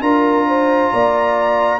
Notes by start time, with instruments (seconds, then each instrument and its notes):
0.00 tuba D4, trombone F4, horn A#4, trumpet A#5
0.47 horn C5
0.92 tuba A#3, horn D5